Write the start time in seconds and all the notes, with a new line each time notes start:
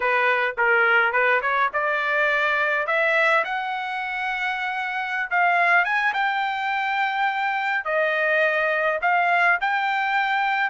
0.00 B4
0.57 A#4
1.12 B4
1.41 C#5
1.73 D5
2.86 E5
3.44 F#5
5.30 F5
5.84 G#5
6.13 G5
7.84 D#5
9.01 F5
9.60 G5